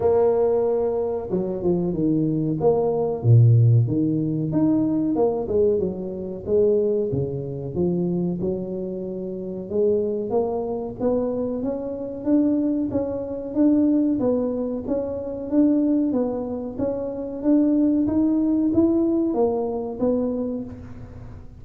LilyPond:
\new Staff \with { instrumentName = "tuba" } { \time 4/4 \tempo 4 = 93 ais2 fis8 f8 dis4 | ais4 ais,4 dis4 dis'4 | ais8 gis8 fis4 gis4 cis4 | f4 fis2 gis4 |
ais4 b4 cis'4 d'4 | cis'4 d'4 b4 cis'4 | d'4 b4 cis'4 d'4 | dis'4 e'4 ais4 b4 | }